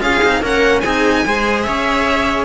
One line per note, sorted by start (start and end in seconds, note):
0.00 0.21 C#4
0.00 0.20 F4
0.00 0.41 G#4
0.00 0.42 F5
0.23 0.41 C4
0.23 0.42 D#4
0.41 0.81 A#3
0.41 0.83 C#4
0.41 0.82 A#4
0.41 0.80 F#5
0.80 1.23 C4
0.80 1.25 D#4
0.80 1.23 G#4
0.80 1.61 G#5
1.25 1.66 G#3
1.25 2.45 G#4
1.25 1.67 C5
1.62 2.45 C#4
1.62 2.45 C#5
1.62 2.44 E5